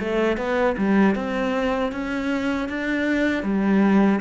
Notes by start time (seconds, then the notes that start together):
0.00 A3
0.38 B3
0.78 G3
1.16 C4
1.93 C#4
2.69 D4
3.44 G3